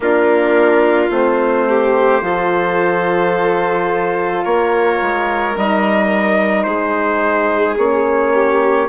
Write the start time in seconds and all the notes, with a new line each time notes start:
0.00 A#3 D4 F4 A#4
1.10 A3 C4 C5
1.68 G4
2.21 F3 F4 A4
4.44 A#3 A#4 C#5
5.01 G#3
5.55 G3 D#4 D#5
6.63 G#3 G#4 C5
7.77 A#3 C#4 C#5
8.33 G4